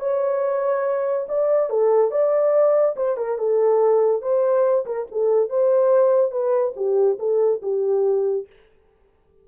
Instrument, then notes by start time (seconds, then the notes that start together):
horn
0.00 C#5
1.29 D5
1.70 A4
2.11 D5
2.97 C5
3.17 A#4
3.38 A4
4.22 C5
4.86 A#4
5.12 A4
5.50 C5
6.32 B4
6.76 G4
7.19 A4
7.62 G4